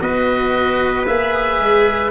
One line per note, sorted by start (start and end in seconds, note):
0.00 1.06 B3
0.00 1.05 F#4
0.00 2.11 B4
0.00 1.06 D#5
1.06 1.59 A#3
1.06 2.11 G#4
1.06 2.11 E5
1.59 2.11 G#3